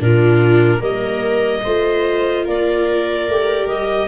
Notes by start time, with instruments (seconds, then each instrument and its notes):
0.00 tuba A#2, viola D4 F4, clarinet A#4
0.79 tuba G3, viola A#3 A#4, clarinet D#5
1.64 tuba A3, viola F4 C5
2.45 tuba A#3, viola A#4, clarinet D5
3.29 tuba A3, viola G4
3.67 tuba G3, clarinet D#5